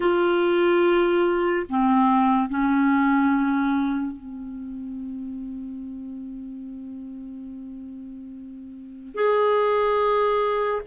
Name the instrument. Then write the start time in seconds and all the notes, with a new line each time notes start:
clarinet
0.00 F4
1.69 C4
2.49 C#4
4.16 C4
9.14 G#4